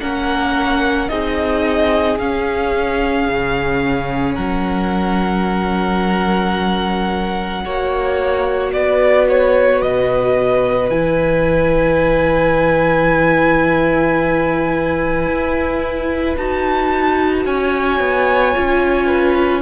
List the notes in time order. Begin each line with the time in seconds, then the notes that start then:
0.00 A#3 C#4 A#4 F#5
1.09 C4 D#4 G#4 D#5
2.18 C#4 F5
3.28 C#3
4.34 F#3 A#4 F#5
7.64 A#3 F#4 C#5
8.73 B3 B4 D5
9.29 C#5
9.81 B2 D#5
10.90 E3 E4 G#5
15.26 E4
16.37 D#4 F#4 A5
17.45 C#4 C#5 G#5
18.00 B3
18.54 C#4 F4
19.06 B4